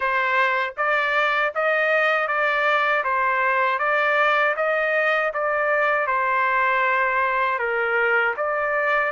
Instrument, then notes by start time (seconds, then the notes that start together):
trumpet
0.00 C5
0.77 D5
1.55 D#5
2.28 D5
3.03 C5
3.78 D5
4.56 D#5
5.33 D5
6.06 C5
7.58 A#4
8.36 D5